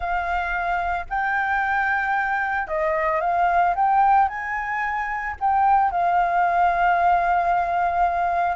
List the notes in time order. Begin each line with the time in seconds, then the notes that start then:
0.00 F5
1.09 G5
2.67 D#5
3.20 F5
3.75 G5
4.28 G#5
5.40 G5
5.91 F5